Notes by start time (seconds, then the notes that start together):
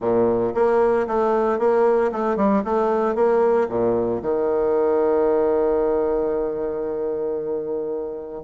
0.00 A#2
0.54 A#3
1.07 A3
1.58 A#3
2.12 A3
2.36 G3
2.64 A3
3.15 A#3
3.68 A#2
4.22 D#3